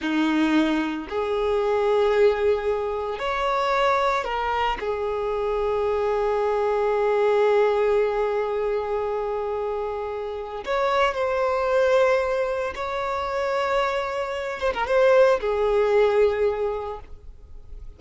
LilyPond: \new Staff \with { instrumentName = "violin" } { \time 4/4 \tempo 4 = 113 dis'2 gis'2~ | gis'2 cis''2 | ais'4 gis'2.~ | gis'1~ |
gis'1 | cis''4 c''2. | cis''2.~ cis''8 c''16 ais'16 | c''4 gis'2. | }